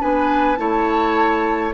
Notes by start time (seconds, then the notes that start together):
0.00 B3 D4 B4 G#5
0.56 A3 E4 C#5 A5